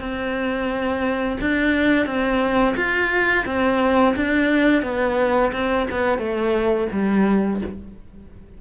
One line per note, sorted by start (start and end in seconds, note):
0.00 1.38 C4
1.41 2.06 D4
2.06 2.75 C4
2.76 3.45 F4
3.46 4.15 C4
4.16 4.83 D4
4.83 5.52 B3
5.53 5.87 C4
5.91 6.19 B3
6.19 6.88 A3
6.92 7.61 G3